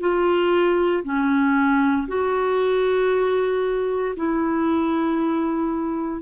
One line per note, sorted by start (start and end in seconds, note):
0.00 1.03 F4
1.04 2.07 C#4
2.08 4.15 F#4
4.16 6.22 E4